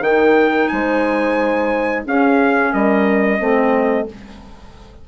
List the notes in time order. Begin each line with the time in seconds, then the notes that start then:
0.00 D#3 D#4 A#4 G5
0.68 G#3 C5 G#5
2.05 C#4 G#4 F5
2.73 G3 A#4 D#5
3.39 A3 C4 C5